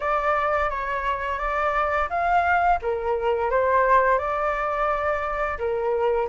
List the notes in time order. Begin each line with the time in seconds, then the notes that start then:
0.00 D5
0.69 C#5
1.39 D5
2.09 F5
2.82 A#4
3.50 C5
4.18 D5
5.58 A#4